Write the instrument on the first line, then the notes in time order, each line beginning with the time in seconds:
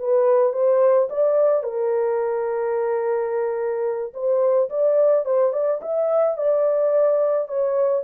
horn
0.00 B4
0.54 C5
1.10 D5
1.64 A#4
4.14 C5
4.70 D5
5.26 C5
5.53 D5
5.82 E5
6.38 D5
7.48 C#5